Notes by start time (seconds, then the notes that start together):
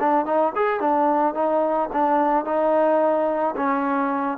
0.00 D4
0.25 D#4
0.55 G#4
0.80 D4
1.34 D#4
1.93 D4
2.45 D#4
3.56 C#4